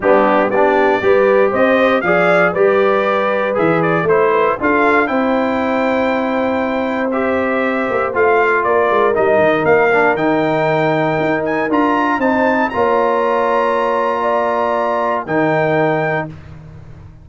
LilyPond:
<<
  \new Staff \with { instrumentName = "trumpet" } { \time 4/4 \tempo 4 = 118 g'4 d''2 dis''4 | f''4 d''2 e''8 d''8 | c''4 f''4 g''2~ | g''2 e''2 |
f''4 d''4 dis''4 f''4 | g''2~ g''8 gis''8 ais''4 | a''4 ais''2.~ | ais''2 g''2 | }
  \new Staff \with { instrumentName = "horn" } { \time 4/4 d'4 g'4 b'4 c''4 | d''4 b'2. | c''8 b'8 a'4 c''2~ | c''1~ |
c''4 ais'2.~ | ais'1 | c''4 cis''2. | d''2 ais'2 | }
  \new Staff \with { instrumentName = "trombone" } { \time 4/4 b4 d'4 g'2 | gis'4 g'2 gis'4 | e'4 f'4 e'2~ | e'2 g'2 |
f'2 dis'4. d'8 | dis'2. f'4 | dis'4 f'2.~ | f'2 dis'2 | }
  \new Staff \with { instrumentName = "tuba" } { \time 4/4 g4 b4 g4 c'4 | f4 g2 e4 | a4 d'4 c'2~ | c'2.~ c'8 ais8 |
a4 ais8 gis8 g8 dis8 ais4 | dis2 dis'4 d'4 | c'4 ais2.~ | ais2 dis2 | }
>>